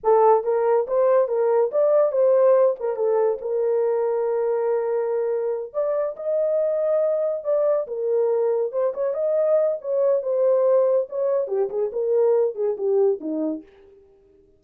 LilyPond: \new Staff \with { instrumentName = "horn" } { \time 4/4 \tempo 4 = 141 a'4 ais'4 c''4 ais'4 | d''4 c''4. ais'8 a'4 | ais'1~ | ais'4. d''4 dis''4.~ |
dis''4. d''4 ais'4.~ | ais'8 c''8 cis''8 dis''4. cis''4 | c''2 cis''4 g'8 gis'8 | ais'4. gis'8 g'4 dis'4 | }